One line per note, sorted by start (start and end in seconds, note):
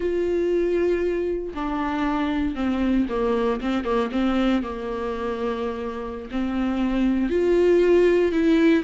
0.00 1.53 F4
1.54 2.55 D4
2.55 3.06 C4
3.09 3.60 A#3
3.60 3.84 C4
3.84 4.10 A#3
4.11 4.62 C4
4.62 6.29 A#3
6.31 7.29 C4
7.29 8.31 F4
8.31 8.83 E4